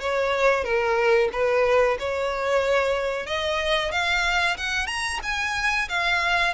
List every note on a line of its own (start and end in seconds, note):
0.00 0.64 C#5
0.64 1.29 A#4
1.33 1.98 B4
1.99 3.26 C#5
3.26 3.92 D#5
3.92 4.57 F5
4.57 4.87 F#5
4.87 5.20 A#5
5.23 5.88 G#5
5.89 6.54 F5